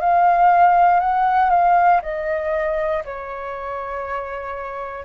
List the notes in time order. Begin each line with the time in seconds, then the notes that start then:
0.00 F5
1.00 F#5
1.50 F5
2.02 D#5
3.05 C#5